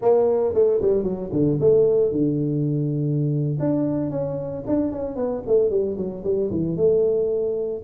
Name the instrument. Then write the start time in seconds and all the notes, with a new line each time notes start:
tuba
0.01 A#3
0.54 A3
0.81 G3
1.03 F#3
1.32 D3
1.60 A3
2.11 D3
3.59 D4
4.10 C#4
4.66 D4
4.91 C#4
5.16 B3
5.47 A3
5.70 G3
5.97 F#3
6.24 G3
6.50 E3
6.76 A3